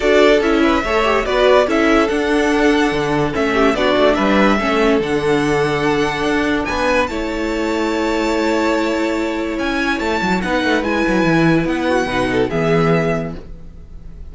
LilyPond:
<<
  \new Staff \with { instrumentName = "violin" } { \time 4/4 \tempo 4 = 144 d''4 e''2 d''4 | e''4 fis''2. | e''4 d''4 e''2 | fis''1 |
gis''4 a''2.~ | a''2. gis''4 | a''4 fis''4 gis''2 | fis''2 e''2 | }
  \new Staff \with { instrumentName = "violin" } { \time 4/4 a'4. b'8 cis''4 b'4 | a'1~ | a'8 g'8 fis'4 b'4 a'4~ | a'1 |
b'4 cis''2.~ | cis''1~ | cis''4 b'2.~ | b'8 fis'8 b'8 a'8 gis'2 | }
  \new Staff \with { instrumentName = "viola" } { \time 4/4 fis'4 e'4 a'8 g'8 fis'4 | e'4 d'2. | cis'4 d'2 cis'4 | d'1~ |
d'4 e'2.~ | e'1~ | e'4 dis'4 e'2~ | e'4 dis'4 b2 | }
  \new Staff \with { instrumentName = "cello" } { \time 4/4 d'4 cis'4 a4 b4 | cis'4 d'2 d4 | a4 b8 a8 g4 a4 | d2. d'4 |
b4 a2.~ | a2. cis'4 | a8 fis8 b8 a8 gis8 fis8 e4 | b4 b,4 e2 | }
>>